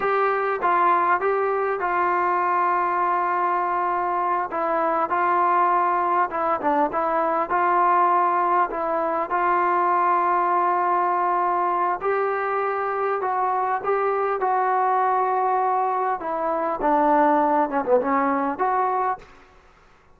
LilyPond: \new Staff \with { instrumentName = "trombone" } { \time 4/4 \tempo 4 = 100 g'4 f'4 g'4 f'4~ | f'2.~ f'8 e'8~ | e'8 f'2 e'8 d'8 e'8~ | e'8 f'2 e'4 f'8~ |
f'1 | g'2 fis'4 g'4 | fis'2. e'4 | d'4. cis'16 b16 cis'4 fis'4 | }